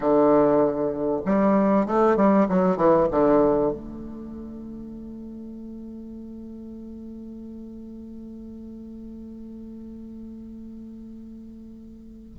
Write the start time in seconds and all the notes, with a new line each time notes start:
0.00 D3
1.25 G3
1.86 A3
2.16 G3
2.48 F#3
2.76 E3
3.11 D3
3.71 A3